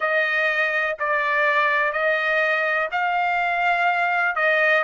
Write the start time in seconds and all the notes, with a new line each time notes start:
0.00 D#5
0.99 D5
1.92 D#5
2.91 F5
4.35 D#5